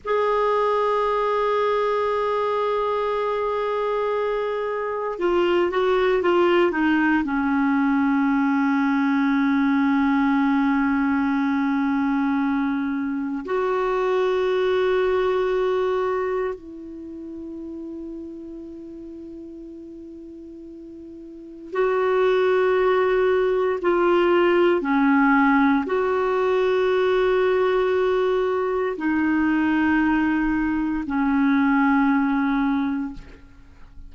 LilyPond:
\new Staff \with { instrumentName = "clarinet" } { \time 4/4 \tempo 4 = 58 gis'1~ | gis'4 f'8 fis'8 f'8 dis'8 cis'4~ | cis'1~ | cis'4 fis'2. |
e'1~ | e'4 fis'2 f'4 | cis'4 fis'2. | dis'2 cis'2 | }